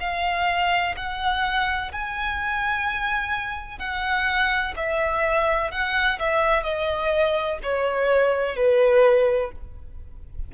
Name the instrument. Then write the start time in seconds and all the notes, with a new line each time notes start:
violin
0.00 F5
0.96 F#5
1.92 G#5
3.79 F#5
4.76 E5
5.71 F#5
6.19 E5
6.63 D#5
7.63 C#5
8.56 B4